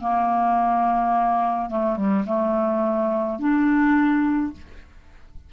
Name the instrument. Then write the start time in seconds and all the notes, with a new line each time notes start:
clarinet
0.00 A#3
1.69 A3
1.96 G3
2.26 A3
3.39 D4